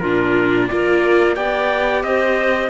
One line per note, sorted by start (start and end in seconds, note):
0.00 0.70 A#2
0.00 0.71 D4
0.00 0.69 F4
0.00 0.67 A#4
0.68 1.37 A#3
0.68 1.35 F4
0.68 1.36 A#4
0.68 1.35 D5
1.35 2.04 B3
1.35 2.70 G4
1.35 2.03 D5
1.35 2.03 G5
2.03 2.70 C4
2.03 2.70 C5
2.03 2.70 D#5